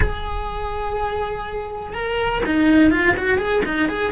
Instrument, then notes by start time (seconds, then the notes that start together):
cello
0.00 G#4
1.93 A#4
2.45 D#4
2.90 F4
3.16 F#4
3.38 G#4
3.65 D#4
3.88 G#4